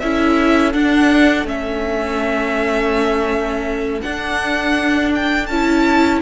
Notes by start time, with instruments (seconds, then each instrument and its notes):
0.00 cello C#4, viola E4, violin A4 E5
0.74 viola D4, cello D4, violin F#5
1.45 cello A3, viola C#4, violin E5
4.02 viola D4, cello D4, violin F#5
5.15 violin G5
5.47 cello C#4, viola E4, violin A5